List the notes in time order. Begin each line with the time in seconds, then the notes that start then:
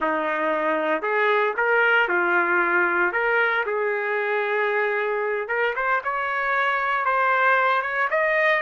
0.00 D#4
1.02 G#4
1.57 A#4
2.08 F4
3.12 A#4
3.66 G#4
5.48 A#4
5.75 C5
6.04 C#5
7.05 C5
7.82 C#5
8.10 D#5